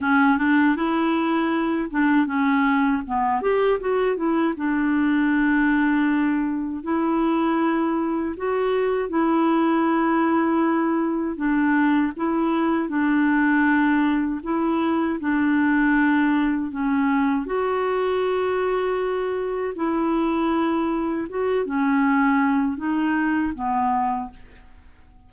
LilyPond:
\new Staff \with { instrumentName = "clarinet" } { \time 4/4 \tempo 4 = 79 cis'8 d'8 e'4. d'8 cis'4 | b8 g'8 fis'8 e'8 d'2~ | d'4 e'2 fis'4 | e'2. d'4 |
e'4 d'2 e'4 | d'2 cis'4 fis'4~ | fis'2 e'2 | fis'8 cis'4. dis'4 b4 | }